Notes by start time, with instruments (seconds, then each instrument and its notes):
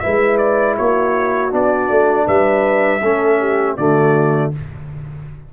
0.00 trombone E4, horn B4, trumpet E5
0.06 tuba G#3
0.38 trumpet D5
0.77 tuba A#3, horn F#4, trumpet C#5
1.50 tuba B3, trombone D4, trumpet D5
1.90 tuba A3
2.27 tuba G3, horn B4, trumpet E5
3.02 tuba A3, trombone C#4, horn A4
3.40 horn G4
3.77 tuba D3, trombone A3, horn F#4, trumpet D5